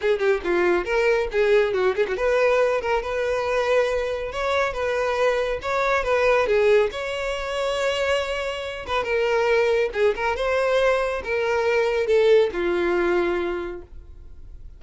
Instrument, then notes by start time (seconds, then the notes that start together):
violin
0.01 G#4
0.19 G4
0.44 F4
0.85 A#4
1.31 G#4
1.73 F#4
1.95 G#4
2.07 F#4
2.16 B4
2.81 A#4
3.02 B4
4.32 C#5
4.73 B4
5.61 C#5
6.03 B4
6.46 G#4
6.91 C#5
8.86 B4
9.03 A#4
9.93 G#4
10.15 A#4
10.36 C5
11.23 A#4
12.06 A4
12.52 F4